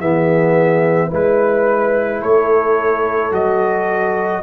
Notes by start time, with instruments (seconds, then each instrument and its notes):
0.00 tuba E3, trombone B3, horn G#4, trumpet E5
1.08 tuba G#3, trombone E4, horn B4
1.15 trumpet B4
2.21 tuba A3, horn A4, trumpet C#5
3.32 tuba F#3, trombone F#4, trumpet D#5